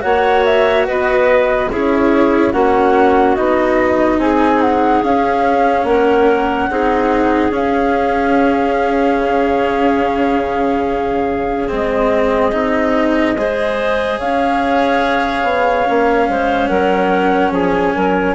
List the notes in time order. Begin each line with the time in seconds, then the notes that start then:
0.00 A#3 F#4 C#5 F#5
0.44 E5
0.86 B3 B4 D#5
1.71 C#4 E4 G#4 C#5
2.52 A#3 C#4 F#4 F#5
3.35 B3 D#4 D#5
4.18 C4 G#4 G#5
4.61 F#5
5.03 C#4 F5
5.84 A#3 A#4 F#5
6.70 C4 D#4 G#4
7.50 C#4 F5
9.18 C#3
11.68 G#3 C4 D#5
12.52 C4 D#4
13.35 G#3 G#4 C5
14.19 C#4 C#5 F5
15.43 B3
15.85 A#3 C#4
16.28 G#3 C5
16.67 F#3 A#4 F#5
17.50 F3 G#4 G#5
17.94 F#3 A#4